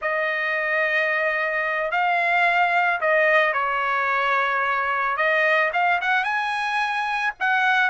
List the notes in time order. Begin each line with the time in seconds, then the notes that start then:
0.01 D#5
1.91 F5
3.00 D#5
3.53 C#5
5.16 D#5
5.73 F5
6.01 F#5
6.24 G#5
7.39 F#5